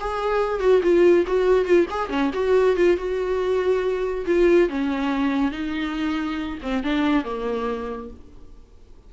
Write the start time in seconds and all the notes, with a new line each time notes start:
0.00 G#4
0.60 F#4
0.82 F4
1.27 F#4
1.65 F4
1.90 G#4
2.09 C#4
2.33 F#4
2.76 F4
2.97 F#4
4.26 F4
4.69 C#4
5.51 D#4
6.62 C4
6.84 D4
7.24 A#3